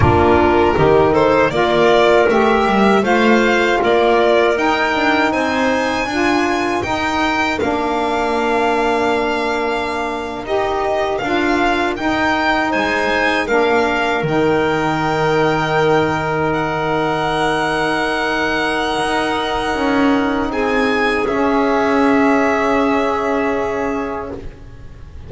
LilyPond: <<
  \new Staff \with { instrumentName = "violin" } { \time 4/4 \tempo 4 = 79 ais'4. c''8 d''4 e''4 | f''4 d''4 g''4 gis''4~ | gis''4 g''4 f''2~ | f''4.~ f''16 dis''4 f''4 g''16~ |
g''8. gis''4 f''4 g''4~ g''16~ | g''4.~ g''16 fis''2~ fis''16~ | fis''2. gis''4 | e''1 | }
  \new Staff \with { instrumentName = "clarinet" } { \time 4/4 f'4 g'8 a'8 ais'2 | c''4 ais'2 c''4 | ais'1~ | ais'1~ |
ais'8. c''4 ais'2~ ais'16~ | ais'1~ | ais'2. gis'4~ | gis'1 | }
  \new Staff \with { instrumentName = "saxophone" } { \time 4/4 d'4 dis'4 f'4 g'4 | f'2 dis'2 | f'4 dis'4 d'2~ | d'4.~ d'16 g'4 f'4 dis'16~ |
dis'4.~ dis'16 d'4 dis'4~ dis'16~ | dis'1~ | dis'1 | cis'1 | }
  \new Staff \with { instrumentName = "double bass" } { \time 4/4 ais4 dis4 ais4 a8 g8 | a4 ais4 dis'8 d'8 c'4 | d'4 dis'4 ais2~ | ais4.~ ais16 dis'4 d'4 dis'16~ |
dis'8. gis4 ais4 dis4~ dis16~ | dis1~ | dis4 dis'4 cis'4 c'4 | cis'1 | }
>>